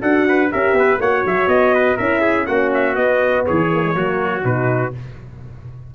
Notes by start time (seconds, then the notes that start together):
0.00 D4 F#4 A4 F#5
0.28 B4
0.50 C#4 G4 A#4 E5
0.73 B3 B4
0.98 A#3 F#4 C#5 F#5
1.26 F#3 E5
1.47 B3 D#5
1.74 B4
1.96 C#4 E4 A#4 E5
2.21 G#4
2.46 A#3 C#4 F#4 F#5
2.73 E5
2.94 B3 D#5
3.46 E3 G#4 C#5
3.72 A#3
3.84 G#3
3.92 F#3 A#3 F#4
4.42 B2 D#4 B4